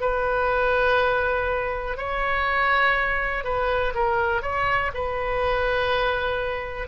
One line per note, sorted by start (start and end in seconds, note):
0.00 1.97 B4
1.97 3.44 C#5
3.44 3.93 B4
3.94 4.42 A#4
4.42 4.91 C#5
4.94 6.87 B4